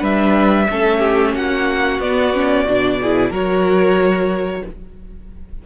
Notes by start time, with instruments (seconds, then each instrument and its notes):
0.00 cello G3, viola D4, violin B4 E5
0.70 cello A3, viola C#4, violin A4
0.99 violin G4
1.34 cello A#3, violin F#4 F#5
1.99 cello B3, viola B3, violin D5
2.34 viola C#4
2.66 cello B2, viola D4
3.02 viola E4, violin G#4
3.30 cello F#3, viola F#4, violin A#4 C#5